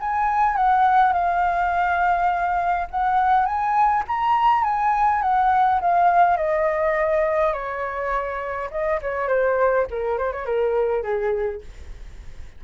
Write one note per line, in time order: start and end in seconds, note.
0.00 0.57 G#5
0.57 1.13 F#5
1.13 2.88 F5
2.90 3.46 F#5
3.46 4.04 G#5
4.08 4.64 A#5
4.64 5.22 G#5
5.22 5.80 F#5
5.81 6.37 F5
6.37 7.53 D#5
7.53 8.70 C#5
8.71 9.00 D#5
9.02 9.28 C#5
9.28 9.87 C5
9.91 10.18 A#4
10.18 10.33 C5
10.33 10.46 C#5
10.46 11.03 A#4
11.03 11.61 G#4